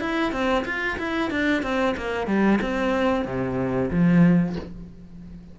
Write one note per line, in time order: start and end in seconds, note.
0.00 0.32 E4
0.32 0.65 C4
0.65 0.98 F4
0.98 1.30 E4
1.30 1.63 D4
1.63 1.95 C4
1.97 2.27 A#3
2.27 2.59 G3
2.61 3.25 C4
3.25 3.90 C3
3.90 4.56 F3